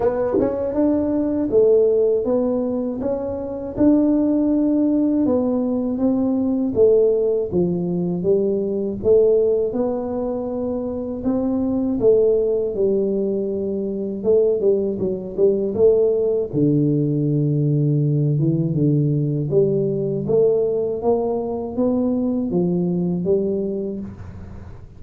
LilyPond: \new Staff \with { instrumentName = "tuba" } { \time 4/4 \tempo 4 = 80 b8 cis'8 d'4 a4 b4 | cis'4 d'2 b4 | c'4 a4 f4 g4 | a4 b2 c'4 |
a4 g2 a8 g8 | fis8 g8 a4 d2~ | d8 e8 d4 g4 a4 | ais4 b4 f4 g4 | }